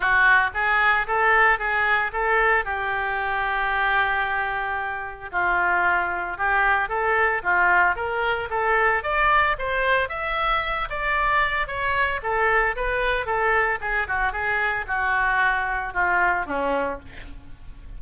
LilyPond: \new Staff \with { instrumentName = "oboe" } { \time 4/4 \tempo 4 = 113 fis'4 gis'4 a'4 gis'4 | a'4 g'2.~ | g'2 f'2 | g'4 a'4 f'4 ais'4 |
a'4 d''4 c''4 e''4~ | e''8 d''4. cis''4 a'4 | b'4 a'4 gis'8 fis'8 gis'4 | fis'2 f'4 cis'4 | }